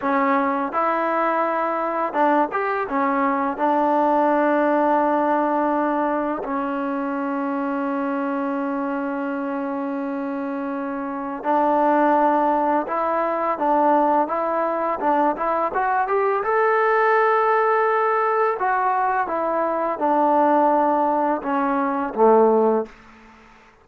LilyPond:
\new Staff \with { instrumentName = "trombone" } { \time 4/4 \tempo 4 = 84 cis'4 e'2 d'8 g'8 | cis'4 d'2.~ | d'4 cis'2.~ | cis'1 |
d'2 e'4 d'4 | e'4 d'8 e'8 fis'8 g'8 a'4~ | a'2 fis'4 e'4 | d'2 cis'4 a4 | }